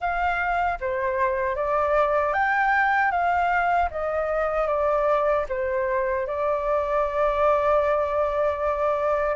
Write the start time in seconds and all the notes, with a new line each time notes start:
0.00 F5
0.80 C5
1.55 D5
2.33 G5
3.11 F5
3.90 D#5
4.67 D5
5.48 C5
6.26 D5